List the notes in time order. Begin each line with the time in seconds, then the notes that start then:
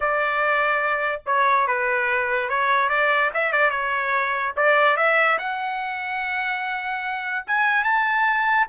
0.00 D5
1.26 C#5
1.67 B4
2.49 C#5
2.89 D5
3.33 E5
3.52 D5
3.70 C#5
4.56 D5
4.96 E5
5.38 F#5
7.46 G#5
7.83 A5